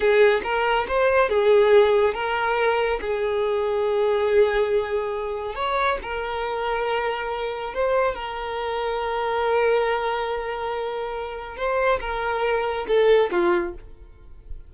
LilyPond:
\new Staff \with { instrumentName = "violin" } { \time 4/4 \tempo 4 = 140 gis'4 ais'4 c''4 gis'4~ | gis'4 ais'2 gis'4~ | gis'1~ | gis'4 cis''4 ais'2~ |
ais'2 c''4 ais'4~ | ais'1~ | ais'2. c''4 | ais'2 a'4 f'4 | }